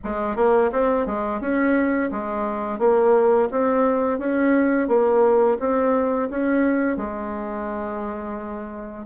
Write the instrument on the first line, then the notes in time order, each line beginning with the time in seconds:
bassoon
0.03 G#3
0.36 A#3
0.72 C4
1.06 G#3
1.40 C#4
2.11 G#3
2.78 A#3
3.51 C4
4.19 C#4
4.87 A#3
5.59 C4
6.30 C#4
6.96 G#3